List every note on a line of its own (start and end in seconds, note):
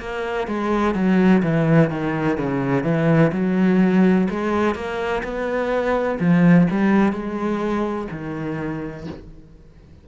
0.00 0.48 A#3
0.48 0.95 G#3
0.95 1.42 F#3
1.43 1.90 E3
1.90 2.38 D#3
2.38 2.84 C#3
2.84 3.31 E3
3.32 4.28 F#3
4.30 4.75 G#3
4.75 5.23 A#3
5.23 6.19 B3
6.20 6.68 F3
6.71 7.13 G3
7.13 8.08 G#3
8.12 9.07 D#3